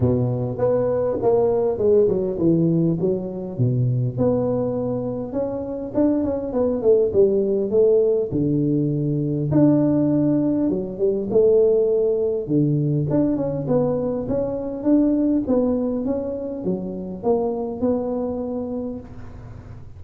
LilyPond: \new Staff \with { instrumentName = "tuba" } { \time 4/4 \tempo 4 = 101 b,4 b4 ais4 gis8 fis8 | e4 fis4 b,4 b4~ | b4 cis'4 d'8 cis'8 b8 a8 | g4 a4 d2 |
d'2 fis8 g8 a4~ | a4 d4 d'8 cis'8 b4 | cis'4 d'4 b4 cis'4 | fis4 ais4 b2 | }